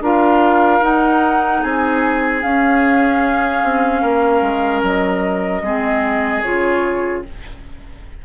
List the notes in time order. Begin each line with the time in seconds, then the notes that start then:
0.00 D4 F4 A#4 F5
0.81 D#4 F#5
1.62 C4 G#4 G#5
2.43 C#4 F5
3.64 C4
4.02 A#3 A#4
4.42 G#3
4.82 F#3 D#5
5.62 G#3 C4 G#4
6.43 C#3 F4 C#5